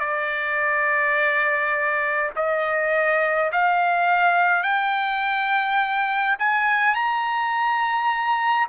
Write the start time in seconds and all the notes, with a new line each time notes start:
0.00 D5
2.36 D#5
3.52 F5
4.63 G5
6.39 G#5
6.94 A#5